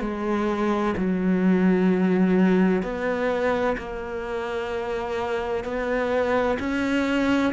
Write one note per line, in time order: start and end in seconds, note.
0.00 0.94 G#3
0.97 2.82 F#3
2.82 3.76 B3
3.77 5.64 A#3
5.64 6.58 B3
6.59 7.53 C#4